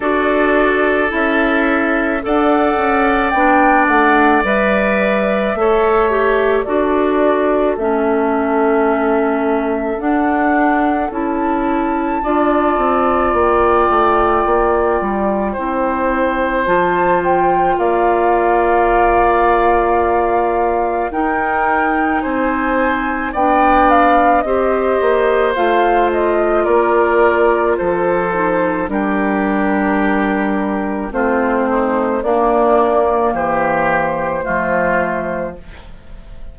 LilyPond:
<<
  \new Staff \with { instrumentName = "flute" } { \time 4/4 \tempo 4 = 54 d''4 e''4 fis''4 g''8 fis''8 | e''2 d''4 e''4~ | e''4 fis''4 a''2 | g''2. a''8 g''8 |
f''2. g''4 | gis''4 g''8 f''8 dis''4 f''8 dis''8 | d''4 c''4 ais'2 | c''4 d''4 c''2 | }
  \new Staff \with { instrumentName = "oboe" } { \time 4/4 a'2 d''2~ | d''4 cis''4 a'2~ | a'2. d''4~ | d''2 c''2 |
d''2. ais'4 | c''4 d''4 c''2 | ais'4 a'4 g'2 | f'8 dis'8 d'4 g'4 f'4 | }
  \new Staff \with { instrumentName = "clarinet" } { \time 4/4 fis'4 e'4 a'4 d'4 | b'4 a'8 g'8 fis'4 cis'4~ | cis'4 d'4 e'4 f'4~ | f'2 e'4 f'4~ |
f'2. dis'4~ | dis'4 d'4 g'4 f'4~ | f'4. dis'8 d'2 | c'4 ais2 a4 | }
  \new Staff \with { instrumentName = "bassoon" } { \time 4/4 d'4 cis'4 d'8 cis'8 b8 a8 | g4 a4 d'4 a4~ | a4 d'4 cis'4 d'8 c'8 | ais8 a8 ais8 g8 c'4 f4 |
ais2. dis'4 | c'4 b4 c'8 ais8 a4 | ais4 f4 g2 | a4 ais4 e4 f4 | }
>>